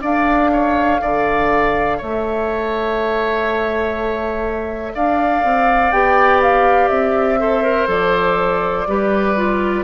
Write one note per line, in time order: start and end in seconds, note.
0.00 1.01 D4
0.00 5.90 A4
0.00 0.51 D5
0.00 2.01 F5
0.52 1.01 C#5
1.02 2.00 D3
1.02 1.98 D5
1.98 4.95 A3
1.98 4.93 C#5
1.98 4.95 E5
4.95 5.44 D4
4.95 7.40 D5
4.95 5.92 F5
5.44 5.92 C4
5.92 6.89 B3
5.92 7.40 G4
5.92 6.41 G5
6.42 6.88 F5
6.88 7.87 C4
6.88 7.87 E5
7.40 7.63 A4
7.40 8.88 C5
7.63 7.87 A#4
7.87 8.86 F3
7.87 8.86 A4
7.87 9.84 D5
8.87 9.84 G3
8.87 9.36 G4
8.87 9.84 B4
9.36 9.84 F4